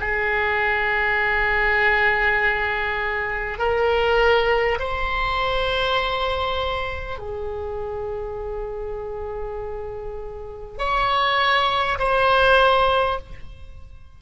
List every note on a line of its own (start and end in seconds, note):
0.00 3.58 G#4
3.58 4.78 A#4
4.79 7.18 C5
7.18 10.78 G#4
10.78 11.98 C#5
11.98 13.18 C5